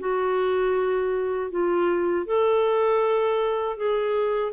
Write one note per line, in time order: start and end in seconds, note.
0.00 1.51 F#4
1.51 2.26 F4
2.26 3.77 A4
3.77 4.53 G#4